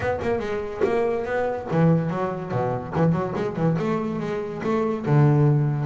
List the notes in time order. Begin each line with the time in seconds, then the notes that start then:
0.00 B3
0.22 A#3
0.39 G#3
0.84 A#3
1.25 B3
1.71 E3
2.09 F#3
2.51 B2
2.95 E3
3.12 F#3
3.35 G#3
3.55 E3
3.79 A3
4.19 G#3
4.63 A3
5.06 D3